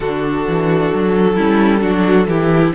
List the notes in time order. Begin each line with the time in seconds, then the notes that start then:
0.00 D3 D4 F#4 A4
0.47 E3
0.93 F#3
1.35 G3 C#4 E4
1.81 F#3 D4 F#4
2.26 E3 E4 G4